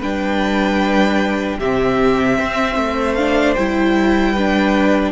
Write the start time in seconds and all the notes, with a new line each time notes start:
0.00 G3 D4 B4 G5
1.59 C3 C4 G4 E5
2.39 C4 C5
2.77 A3
3.15 D4 F5
3.55 G3 E4 G5
4.33 D4 B4